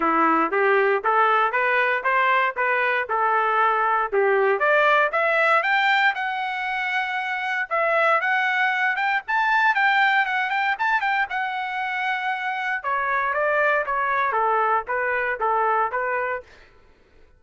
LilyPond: \new Staff \with { instrumentName = "trumpet" } { \time 4/4 \tempo 4 = 117 e'4 g'4 a'4 b'4 | c''4 b'4 a'2 | g'4 d''4 e''4 g''4 | fis''2. e''4 |
fis''4. g''8 a''4 g''4 | fis''8 g''8 a''8 g''8 fis''2~ | fis''4 cis''4 d''4 cis''4 | a'4 b'4 a'4 b'4 | }